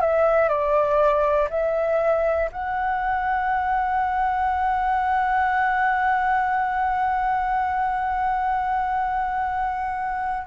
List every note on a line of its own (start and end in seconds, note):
0.00 0.49 E5
0.49 1.49 D5
1.49 2.49 E5
2.51 10.47 F#5